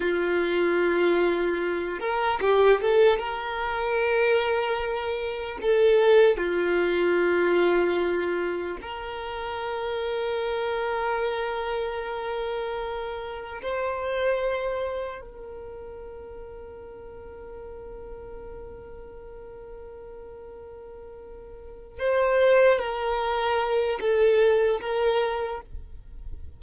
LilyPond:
\new Staff \with { instrumentName = "violin" } { \time 4/4 \tempo 4 = 75 f'2~ f'8 ais'8 g'8 a'8 | ais'2. a'4 | f'2. ais'4~ | ais'1~ |
ais'4 c''2 ais'4~ | ais'1~ | ais'2.~ ais'8 c''8~ | c''8 ais'4. a'4 ais'4 | }